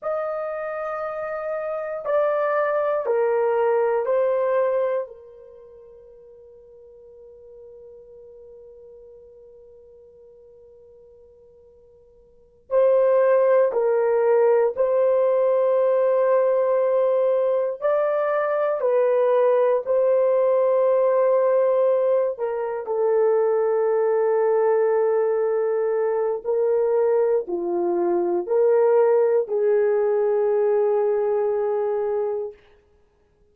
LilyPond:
\new Staff \with { instrumentName = "horn" } { \time 4/4 \tempo 4 = 59 dis''2 d''4 ais'4 | c''4 ais'2.~ | ais'1~ | ais'8 c''4 ais'4 c''4.~ |
c''4. d''4 b'4 c''8~ | c''2 ais'8 a'4.~ | a'2 ais'4 f'4 | ais'4 gis'2. | }